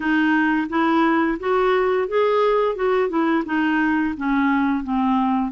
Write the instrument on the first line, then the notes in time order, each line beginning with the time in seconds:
clarinet
0.00 D#4
0.69 E4
1.39 F#4
2.08 G#4
2.75 F#4
3.09 E4
3.45 D#4
4.17 C#4
4.83 C4